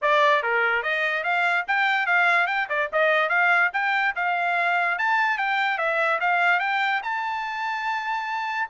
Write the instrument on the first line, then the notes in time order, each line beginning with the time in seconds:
trumpet
0.01 D5
0.43 A#4
0.82 D#5
1.23 F5
1.67 G5
2.06 F5
2.46 G5
2.69 D5
2.92 D#5
3.29 F5
3.73 G5
4.15 F5
4.98 A5
5.37 G5
5.77 E5
6.20 F5
6.59 G5
7.02 A5